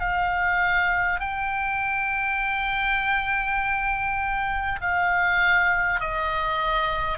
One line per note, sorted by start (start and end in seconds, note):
0.00 1.19 F5
1.19 4.79 G5
4.81 6.01 F5
6.01 7.18 D#5